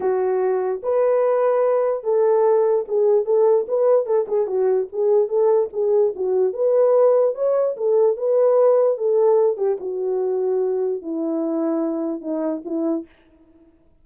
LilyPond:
\new Staff \with { instrumentName = "horn" } { \time 4/4 \tempo 4 = 147 fis'2 b'2~ | b'4 a'2 gis'4 | a'4 b'4 a'8 gis'8 fis'4 | gis'4 a'4 gis'4 fis'4 |
b'2 cis''4 a'4 | b'2 a'4. g'8 | fis'2. e'4~ | e'2 dis'4 e'4 | }